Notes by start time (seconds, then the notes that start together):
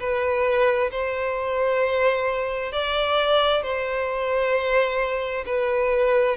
0.00 B4
0.91 C5
2.73 D5
3.63 C5
5.46 B4